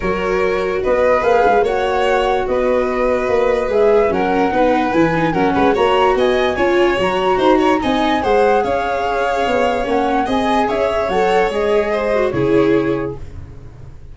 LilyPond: <<
  \new Staff \with { instrumentName = "flute" } { \time 4/4 \tempo 4 = 146 cis''2 dis''4 f''4 | fis''2 dis''2~ | dis''4 e''4 fis''2 | gis''4 fis''4 ais''4 gis''4~ |
gis''4 ais''2 gis''4 | fis''4 f''2. | fis''4 gis''4 e''4 fis''4 | dis''2 cis''2 | }
  \new Staff \with { instrumentName = "violin" } { \time 4/4 ais'2 b'2 | cis''2 b'2~ | b'2 ais'4 b'4~ | b'4 ais'8 b'8 cis''4 dis''4 |
cis''2 c''8 cis''8 dis''4 | c''4 cis''2.~ | cis''4 dis''4 cis''2~ | cis''4 c''4 gis'2 | }
  \new Staff \with { instrumentName = "viola" } { \time 4/4 fis'2. gis'4 | fis'1~ | fis'4 gis'4 cis'4 dis'4 | e'8 dis'8 cis'4 fis'2 |
f'4 fis'2 dis'4 | gis'1 | cis'4 gis'2 a'4 | gis'4. fis'8 e'2 | }
  \new Staff \with { instrumentName = "tuba" } { \time 4/4 fis2 b4 ais8 gis8 | ais2 b2 | ais4 gis4 fis4 b4 | e4 fis8 gis8 ais4 b4 |
cis'4 fis4 dis'4 c'4 | gis4 cis'2 b4 | ais4 c'4 cis'4 fis4 | gis2 cis2 | }
>>